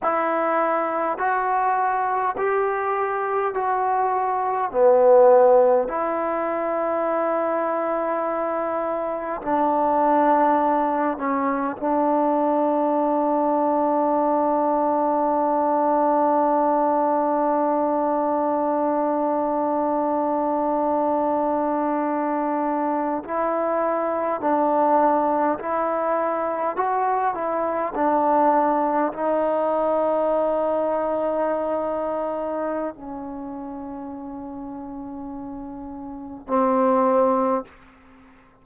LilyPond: \new Staff \with { instrumentName = "trombone" } { \time 4/4 \tempo 4 = 51 e'4 fis'4 g'4 fis'4 | b4 e'2. | d'4. cis'8 d'2~ | d'1~ |
d'2.~ d'8. e'16~ | e'8. d'4 e'4 fis'8 e'8 d'16~ | d'8. dis'2.~ dis'16 | cis'2. c'4 | }